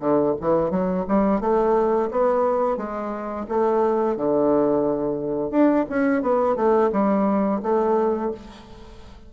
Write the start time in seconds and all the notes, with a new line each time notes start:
0.00 D3
0.40 E3
0.70 F#3
1.08 G3
1.40 A3
2.11 B3
2.77 G#3
3.49 A3
4.16 D3
5.50 D4
5.89 C#4
6.22 B3
6.56 A3
6.92 G3
7.62 A3